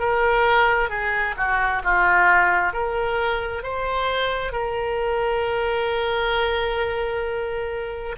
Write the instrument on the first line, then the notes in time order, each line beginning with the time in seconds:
oboe
0.00 A#4
0.90 G#4
1.37 F#4
1.84 F4
2.73 A#4
3.63 C5
4.52 A#4